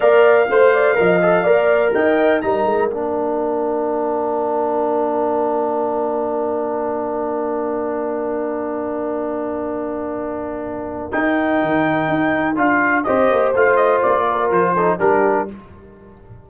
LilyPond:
<<
  \new Staff \with { instrumentName = "trumpet" } { \time 4/4 \tempo 4 = 124 f''1 | g''4 ais''4 f''2~ | f''1~ | f''1~ |
f''1~ | f''2. g''4~ | g''2 f''4 dis''4 | f''8 dis''8 d''4 c''4 ais'4 | }
  \new Staff \with { instrumentName = "horn" } { \time 4/4 d''4 c''8 d''8 dis''4 d''4 | dis''4 ais'2.~ | ais'1~ | ais'1~ |
ais'1~ | ais'1~ | ais'2. c''4~ | c''4. ais'4 a'8 g'4 | }
  \new Staff \with { instrumentName = "trombone" } { \time 4/4 ais'4 c''4 ais'8 a'8 ais'4~ | ais'4 dis'4 d'2~ | d'1~ | d'1~ |
d'1~ | d'2. dis'4~ | dis'2 f'4 g'4 | f'2~ f'8 dis'8 d'4 | }
  \new Staff \with { instrumentName = "tuba" } { \time 4/4 ais4 a4 f4 ais4 | dis'4 g8 gis8 ais2~ | ais1~ | ais1~ |
ais1~ | ais2. dis'4 | dis4 dis'4 d'4 c'8 ais8 | a4 ais4 f4 g4 | }
>>